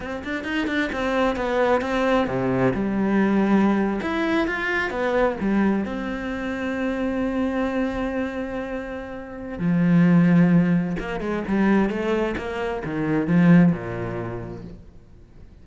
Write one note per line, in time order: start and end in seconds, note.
0.00 0.23 C4
0.24 0.44 D4
0.44 0.67 D#4
0.67 0.90 D4
0.92 1.36 C4
1.36 1.81 B3
1.81 2.27 C4
2.27 2.73 C3
2.74 4.00 G3
4.01 4.47 E4
4.47 4.90 F4
4.90 5.36 B3
5.40 5.85 G3
5.85 9.59 C4
9.59 10.96 F3
10.99 11.20 A#3
11.20 11.43 G#3
11.47 11.89 G3
11.89 12.35 A3
12.37 12.82 A#3
12.84 13.27 D#3
13.27 13.72 F3
13.72 14.64 A#2